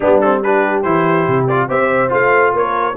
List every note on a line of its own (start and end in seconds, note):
0.00 0.84 G3
0.00 0.22 B3
0.00 0.42 D4
0.00 0.20 G4
0.20 0.44 C4
0.20 0.42 A4
0.43 0.84 D4
0.43 1.67 G4
0.43 0.82 B4
0.82 1.27 E3
0.82 1.48 E4
0.82 1.46 C5
1.27 1.69 C3
1.48 1.69 F4
1.48 1.69 D5
1.67 2.11 C4
1.67 2.08 G4
1.67 2.52 C5
1.67 2.12 E5
2.08 2.53 A3
2.08 2.93 F4
2.08 2.55 F5
2.53 2.96 A#3
2.53 2.96 A#4
2.53 2.96 C#5